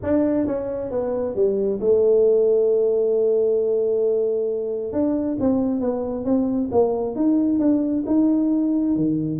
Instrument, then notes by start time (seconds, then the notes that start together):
tuba
0.02 D4
0.46 C#4
0.90 B3
1.35 G3
1.80 A3
4.92 D4
5.40 C4
5.80 B3
6.25 C4
6.71 A#3
7.15 D#4
7.59 D4
8.06 D#4
8.96 D#3